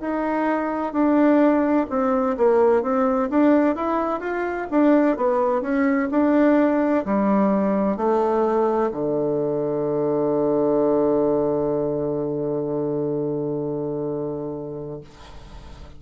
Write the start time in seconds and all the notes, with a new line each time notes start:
0.00 D#4
0.92 D4
1.89 C4
2.37 A#3
2.82 C4
3.30 D4
3.75 E4
4.20 F4
4.70 D4
5.16 B3
5.61 C#4
6.11 D4
7.05 G3
7.96 A3
8.91 D3